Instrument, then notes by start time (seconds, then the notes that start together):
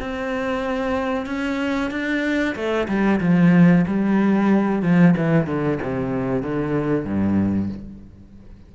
cello
0.00 C4
1.26 C#4
1.91 D4
2.55 A3
2.88 G3
3.20 F3
3.87 G3
4.82 F3
5.17 E3
5.47 D3
5.82 C3
6.42 D3
7.04 G2